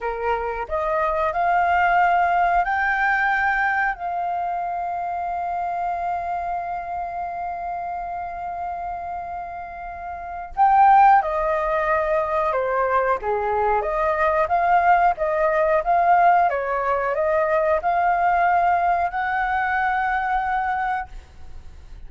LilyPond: \new Staff \with { instrumentName = "flute" } { \time 4/4 \tempo 4 = 91 ais'4 dis''4 f''2 | g''2 f''2~ | f''1~ | f''1 |
g''4 dis''2 c''4 | gis'4 dis''4 f''4 dis''4 | f''4 cis''4 dis''4 f''4~ | f''4 fis''2. | }